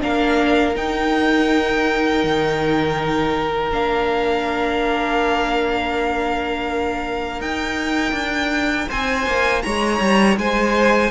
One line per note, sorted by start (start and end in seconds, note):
0.00 0.76 A#3
0.00 0.74 D4
0.00 8.89 A#4
0.00 0.76 F5
0.75 3.71 D#4
0.75 2.24 D#4
0.75 3.72 G5
2.24 3.71 D#3
3.71 7.41 A#3
3.71 7.41 D4
3.71 7.41 F5
7.41 8.12 D#4
7.41 11.11 D#4
7.41 8.90 G5
8.12 8.86 D4
8.89 9.26 C4
8.89 9.63 C5
8.89 9.62 G#5
9.26 9.63 A#3
9.62 10.00 G#3
9.62 10.39 C#5
9.62 10.36 A#5
10.00 10.37 G3
10.37 11.11 G#3
10.37 11.11 C5
10.37 11.11 G#5